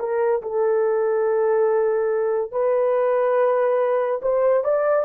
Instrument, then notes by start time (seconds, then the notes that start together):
horn
0.00 A#4
0.43 A4
2.52 B4
4.23 C5
4.65 D5